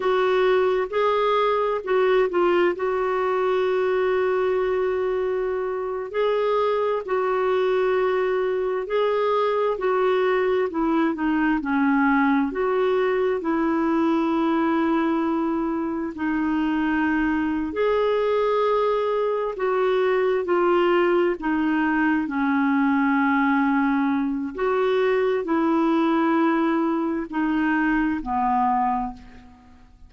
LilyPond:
\new Staff \with { instrumentName = "clarinet" } { \time 4/4 \tempo 4 = 66 fis'4 gis'4 fis'8 f'8 fis'4~ | fis'2~ fis'8. gis'4 fis'16~ | fis'4.~ fis'16 gis'4 fis'4 e'16~ | e'16 dis'8 cis'4 fis'4 e'4~ e'16~ |
e'4.~ e'16 dis'4.~ dis'16 gis'8~ | gis'4. fis'4 f'4 dis'8~ | dis'8 cis'2~ cis'8 fis'4 | e'2 dis'4 b4 | }